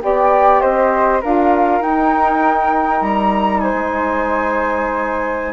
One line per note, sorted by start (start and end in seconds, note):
0.00 0.62 B3
0.00 1.20 G4
0.00 0.61 D5
0.00 0.61 G5
0.61 1.22 C4
0.61 1.21 C5
0.61 1.21 D#5
1.21 1.80 D4
1.21 1.81 F4
1.21 3.61 A#4
1.21 1.82 F5
1.80 3.00 D#4
1.80 5.53 D#4
1.80 3.02 G5
3.01 3.73 G3
3.01 3.60 A#5
3.60 5.53 C5
3.60 5.53 G#5
3.73 5.53 G#3